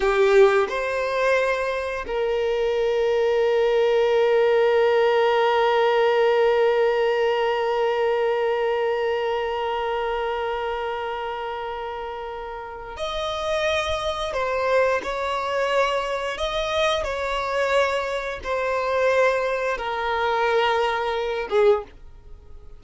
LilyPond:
\new Staff \with { instrumentName = "violin" } { \time 4/4 \tempo 4 = 88 g'4 c''2 ais'4~ | ais'1~ | ais'1~ | ais'1~ |
ais'2. dis''4~ | dis''4 c''4 cis''2 | dis''4 cis''2 c''4~ | c''4 ais'2~ ais'8 gis'8 | }